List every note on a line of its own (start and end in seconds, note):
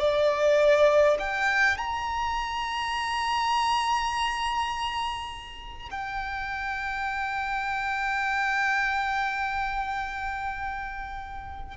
0.00 1.18 D5
1.19 1.78 G5
1.78 5.89 A#5
5.91 11.77 G5